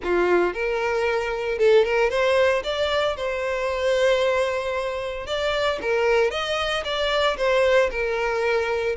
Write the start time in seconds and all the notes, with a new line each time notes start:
0.03 F4
0.53 A#4
1.58 A4
1.84 A#4
2.10 C5
2.63 D5
3.16 C5
5.26 D5
5.81 A#4
6.31 D#5
6.84 D5
7.37 C5
7.90 A#4